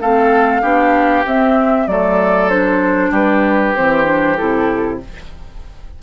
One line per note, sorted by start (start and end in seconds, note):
0.00 0.63 A3
0.00 0.62 C4
0.00 0.62 A4
0.00 1.25 F5
0.62 1.25 B3
0.62 1.25 D4
0.62 1.87 G4
1.26 1.87 C4
1.26 1.89 C4
1.26 1.88 E5
1.87 3.11 F#3
1.87 2.50 A3
1.87 3.11 A4
1.87 2.49 D5
2.49 3.75 D4
2.49 3.12 C5
3.11 3.73 G3
3.11 4.98 G4
3.11 3.76 B4
3.75 4.40 E3
3.75 4.05 C4
3.75 4.37 C5
4.05 4.36 D4
4.37 5.03 C3
4.37 5.00 E4
4.37 5.00 A4